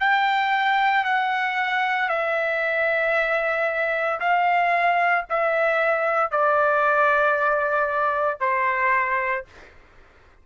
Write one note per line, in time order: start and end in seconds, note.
0.00 1.05 G5
1.05 2.09 F#5
2.09 4.20 E5
4.20 5.25 F5
5.30 6.31 E5
6.31 8.40 D5
8.40 9.45 C5